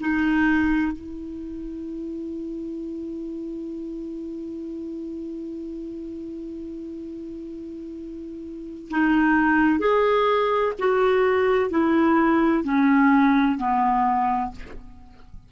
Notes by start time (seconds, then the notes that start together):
0.00 D#4
0.92 E4
8.90 D#4
9.79 G#4
10.79 F#4
11.70 E4
12.64 C#4
13.58 B3